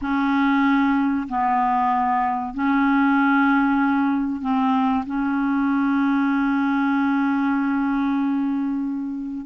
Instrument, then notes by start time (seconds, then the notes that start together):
clarinet
0.01 C#4
1.28 B3
2.53 C#4
4.41 C4
5.06 C#4